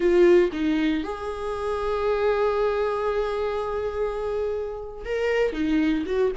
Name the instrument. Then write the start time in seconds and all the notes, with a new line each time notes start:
viola
0.00 F4
0.52 D#4
1.03 G#4
5.04 A#4
5.52 D#4
6.05 F#4